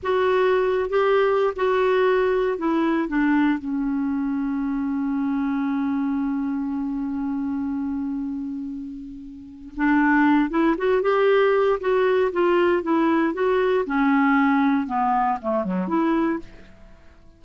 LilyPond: \new Staff \with { instrumentName = "clarinet" } { \time 4/4 \tempo 4 = 117 fis'4.~ fis'16 g'4~ g'16 fis'4~ | fis'4 e'4 d'4 cis'4~ | cis'1~ | cis'1~ |
cis'2. d'4~ | d'8 e'8 fis'8 g'4. fis'4 | f'4 e'4 fis'4 cis'4~ | cis'4 b4 a8 fis8 e'4 | }